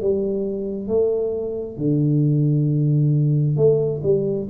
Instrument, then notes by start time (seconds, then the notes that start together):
tuba
0.00 G3
0.88 A3
1.77 D3
3.56 A3
4.03 G3